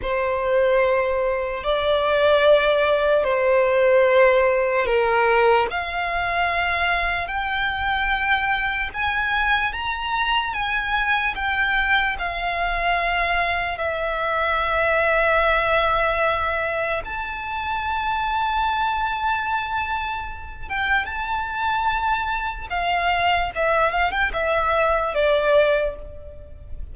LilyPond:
\new Staff \with { instrumentName = "violin" } { \time 4/4 \tempo 4 = 74 c''2 d''2 | c''2 ais'4 f''4~ | f''4 g''2 gis''4 | ais''4 gis''4 g''4 f''4~ |
f''4 e''2.~ | e''4 a''2.~ | a''4. g''8 a''2 | f''4 e''8 f''16 g''16 e''4 d''4 | }